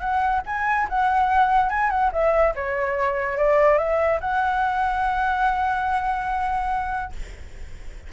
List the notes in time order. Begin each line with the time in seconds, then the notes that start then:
0.00 F#5
0.46 G#5
0.89 F#5
1.70 G#5
1.90 F#5
2.13 E5
2.55 C#5
3.37 D5
3.78 E5
4.21 F#5